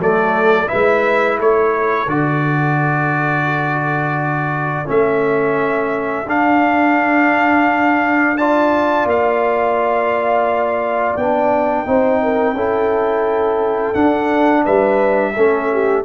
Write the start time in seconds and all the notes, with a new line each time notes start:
0.00 F#3 A3 A4 D5
0.68 E4 B4 E5
0.74 G#3
1.40 A3 A4 C#5
2.07 D3 F#4 D5
4.86 A3 C#4 E5
6.27 D4 F5
8.38 F4 D5 A5
9.06 A#3 F5
11.17 B3 D4 G5
11.86 C4 D#4 C5
12.23 A#4
12.54 C#4 E4 A4
13.94 D4 F#5
14.65 G3 B4 E5
15.36 A3 C#4 A4
15.73 G4